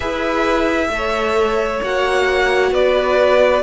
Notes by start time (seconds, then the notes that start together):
0.00 E4 G#4 B4 E5
0.89 A3 A4
0.95 C#5
1.82 A#3 F#4 F#5
2.71 B3 B4 D5